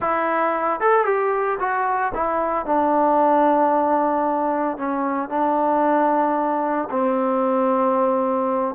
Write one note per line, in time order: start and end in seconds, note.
0.00 0.80 E4
0.80 1.05 A4
1.05 1.58 G4
1.59 2.12 F#4
2.14 2.65 E4
2.65 4.77 D4
4.77 5.29 C#4
5.29 6.88 D4
6.90 8.75 C4